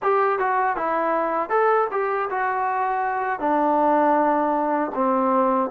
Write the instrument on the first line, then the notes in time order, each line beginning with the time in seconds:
trombone
0.02 G4
0.38 F#4
0.76 E4
1.49 A4
1.91 G4
2.30 F#4
3.39 D4
4.94 C4